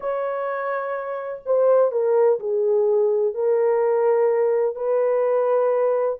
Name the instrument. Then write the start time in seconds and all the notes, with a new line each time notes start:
horn
0.00 C#5
1.45 C5
1.91 A#4
2.39 G#4
3.34 A#4
4.75 B4